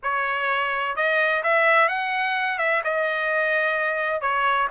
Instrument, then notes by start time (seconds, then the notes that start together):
trumpet
0.03 C#5
0.96 D#5
1.43 E5
1.88 F#5
2.58 E5
2.84 D#5
4.21 C#5